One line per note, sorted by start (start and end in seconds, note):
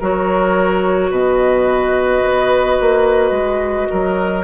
0.00 1.11 F#3
0.00 4.44 F#4
0.00 1.11 A#4
0.00 1.12 C#5
1.11 2.22 B2
1.11 3.88 B4
1.11 4.44 D#5
2.23 2.78 B3
2.81 3.31 A#3
3.31 3.87 G#3
3.90 4.44 F#3
3.90 4.44 A#4